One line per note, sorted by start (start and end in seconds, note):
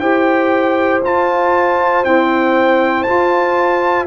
0.00 1.03 E4
0.00 1.03 G4
0.00 4.07 C5
0.00 1.02 G5
1.04 2.06 F4
1.04 2.05 F4
1.04 2.05 A5
2.05 3.07 C4
2.05 3.08 E4
2.05 3.03 G5
3.03 4.07 F4
3.03 4.05 A5